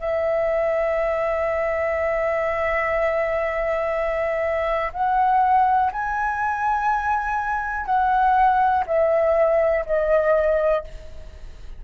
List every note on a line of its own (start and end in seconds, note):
0.00 4.92 E5
4.93 5.91 F#5
5.92 7.86 G#5
7.86 8.84 F#5
8.87 9.85 E5
9.86 10.84 D#5